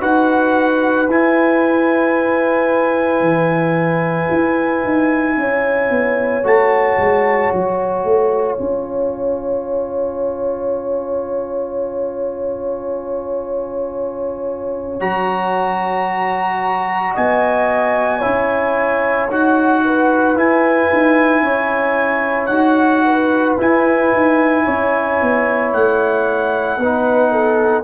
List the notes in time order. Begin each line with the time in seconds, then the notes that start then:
0.00 D#4 F#4 B4 F#5
1.08 E4 G#5
3.20 E3
4.30 E4
4.84 D#4
5.36 C#4 C#5
5.90 B3
6.43 A3 F#4 A5
6.97 G#3
7.52 F#3 G#5
8.04 A3
8.57 C#4 F4
15.00 F#3 F#4 A#5
17.13 B3 D#5 G#5
18.19 E4 C#5
18.25 C#4
19.30 D#4 F#4 F#5
19.84 B4
20.35 E4 G#5
20.92 D#4
21.41 C#4 C#5
22.46 D#4 F#4 F#5
23.05 B4
23.58 E4 G#5
24.12 D#4
24.65 C#4 C#5
25.21 B3
25.73 A3 F#5
26.77 B3 D#4 B4
27.31 A4